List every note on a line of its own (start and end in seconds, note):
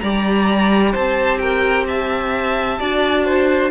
0.00 0.95 G3
0.00 2.80 G4
0.00 0.93 D5
0.00 0.92 A#5
0.93 2.80 C4
0.93 1.39 C5
0.93 1.39 A5
1.39 1.87 A#4
1.39 1.85 G5
1.88 2.80 E5
1.88 3.71 A5
2.80 3.71 D4
2.80 3.71 F#4
2.80 3.25 D5
3.25 3.71 C5